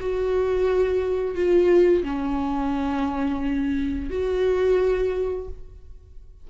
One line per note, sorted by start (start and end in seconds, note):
0.00 1.35 F#4
1.35 2.03 F4
2.03 4.10 C#4
4.10 5.48 F#4